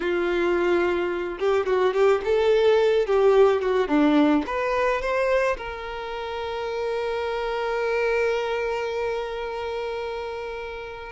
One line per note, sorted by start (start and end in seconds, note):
0.00 1.38 F4
1.39 1.66 G4
1.66 1.93 F#4
1.93 2.21 G4
2.24 3.06 A4
3.06 3.61 G4
3.61 3.87 F#4
3.87 4.43 D4
4.46 5.01 B4
5.01 5.57 C5
5.57 11.12 A#4